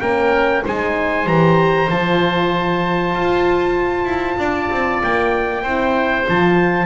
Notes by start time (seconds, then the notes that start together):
0.00 A#3 C#4 A#4 G5
0.64 G#3 D#4 C5 G#5
1.26 E3 G4 A#5
1.89 F3 F4 A5
3.15 F4
4.05 E4
4.38 D4 D5
4.71 C4
5.03 A#3 G5
5.62 C4 E4 C5
6.24 F3 F4 A5